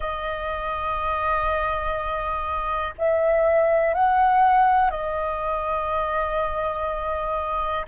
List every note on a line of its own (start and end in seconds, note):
0.00 2.94 D#5
2.98 3.93 E5
3.93 4.90 F#5
4.90 7.85 D#5